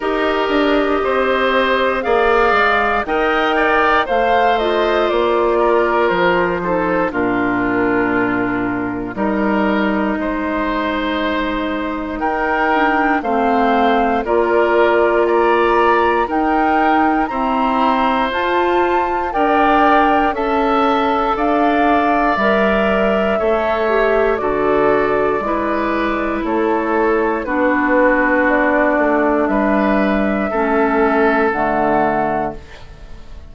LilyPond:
<<
  \new Staff \with { instrumentName = "flute" } { \time 4/4 \tempo 4 = 59 dis''2 f''4 g''4 | f''8 dis''8 d''4 c''4 ais'4~ | ais'4 dis''2. | g''4 f''4 d''4 ais''4 |
g''4 ais''4 a''4 g''4 | a''4 f''4 e''2 | d''2 cis''4 b'4 | d''4 e''2 fis''4 | }
  \new Staff \with { instrumentName = "oboe" } { \time 4/4 ais'4 c''4 d''4 dis''8 d''8 | c''4. ais'4 a'8 f'4~ | f'4 ais'4 c''2 | ais'4 c''4 ais'4 d''4 |
ais'4 c''2 d''4 | e''4 d''2 cis''4 | a'4 b'4 a'4 fis'4~ | fis'4 b'4 a'2 | }
  \new Staff \with { instrumentName = "clarinet" } { \time 4/4 g'2 gis'4 ais'4 | c''8 f'2 dis'8 d'4~ | d'4 dis'2.~ | dis'8 d'8 c'4 f'2 |
dis'4 c'4 f'4 ais'4 | a'2 ais'4 a'8 g'8 | fis'4 e'2 d'4~ | d'2 cis'4 a4 | }
  \new Staff \with { instrumentName = "bassoon" } { \time 4/4 dis'8 d'8 c'4 ais8 gis8 dis'4 | a4 ais4 f4 ais,4~ | ais,4 g4 gis2 | dis'4 a4 ais2 |
dis'4 e'4 f'4 d'4 | cis'4 d'4 g4 a4 | d4 gis4 a4 b4~ | b8 a8 g4 a4 d4 | }
>>